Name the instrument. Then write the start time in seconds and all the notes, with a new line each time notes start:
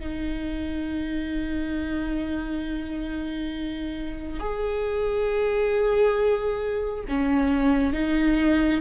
viola
0.00 D#4
4.40 G#4
7.09 C#4
7.93 D#4